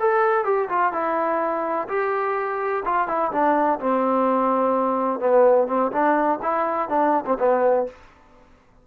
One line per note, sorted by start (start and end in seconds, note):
0.00 0.45 A4
0.45 0.69 G4
0.69 0.93 F4
0.93 1.88 E4
1.89 2.84 G4
2.85 3.08 F4
3.08 3.32 E4
3.32 3.80 D4
3.80 5.20 C4
5.20 5.68 B3
5.68 5.92 C4
5.92 6.40 D4
6.43 6.89 E4
6.89 7.25 D4
7.26 7.38 C4
7.39 7.87 B3